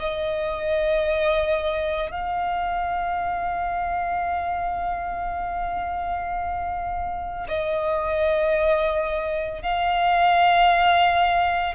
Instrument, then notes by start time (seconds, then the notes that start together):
violin
0.00 D#5
2.11 F5
7.49 D#5
9.62 F5